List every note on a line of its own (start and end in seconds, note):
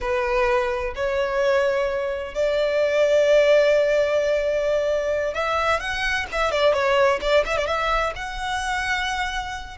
0.01 0.94 B4
0.95 2.34 C#5
2.34 5.34 D5
5.34 5.80 E5
5.80 6.26 F#5
6.31 6.51 E5
6.51 6.73 D5
6.73 7.19 C#5
7.21 7.44 D5
7.45 7.57 E5
7.57 7.66 D5
7.66 8.13 E5
8.15 9.77 F#5